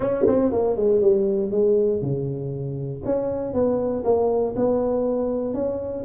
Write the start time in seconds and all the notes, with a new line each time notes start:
0.00 C#4
0.26 C4
0.52 A#3
0.76 G#3
1.01 G3
1.51 G#3
2.01 C#3
3.05 C#4
3.53 B3
4.04 A#3
4.56 B3
5.54 C#4